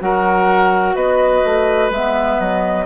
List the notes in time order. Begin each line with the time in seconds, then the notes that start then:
0.00 F#3 F#4 A#4 F#5
0.95 B3 B4 D#5
1.44 A3
1.90 G#3 B3 E5
2.39 F#3 D#5